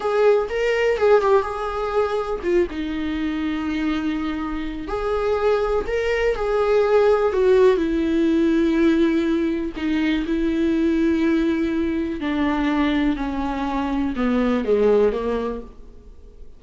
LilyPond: \new Staff \with { instrumentName = "viola" } { \time 4/4 \tempo 4 = 123 gis'4 ais'4 gis'8 g'8 gis'4~ | gis'4 f'8 dis'2~ dis'8~ | dis'2 gis'2 | ais'4 gis'2 fis'4 |
e'1 | dis'4 e'2.~ | e'4 d'2 cis'4~ | cis'4 b4 gis4 ais4 | }